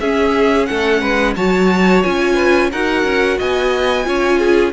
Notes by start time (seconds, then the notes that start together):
0.00 C#4 G#4 E5
0.66 A3 A4 F#5
1.01 G#3 B4
1.36 F#3 F#4 C#5 A5
2.02 C#4 F4 G#5
2.34 B4
2.71 D#4 F#4 A#4 F#5
3.03 C#4
3.38 B3 D#5 G#5
4.05 C#4 F4 C#5
4.38 G#4